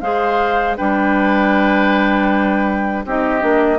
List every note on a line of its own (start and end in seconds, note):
0.00 0.78 G#3
0.00 0.77 G#4
0.00 0.77 C5
0.00 0.76 F5
0.77 3.05 G3
0.77 3.05 D4
0.77 3.05 B4
0.77 3.05 G5
3.05 3.42 C4
3.05 3.40 D#4
3.05 3.79 G4
3.05 3.79 D#5
3.40 3.79 A#3
3.40 3.78 D4